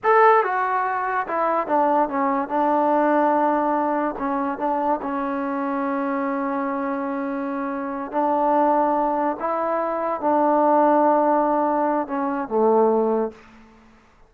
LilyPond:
\new Staff \with { instrumentName = "trombone" } { \time 4/4 \tempo 4 = 144 a'4 fis'2 e'4 | d'4 cis'4 d'2~ | d'2 cis'4 d'4 | cis'1~ |
cis'2.~ cis'8 d'8~ | d'2~ d'8 e'4.~ | e'8 d'2.~ d'8~ | d'4 cis'4 a2 | }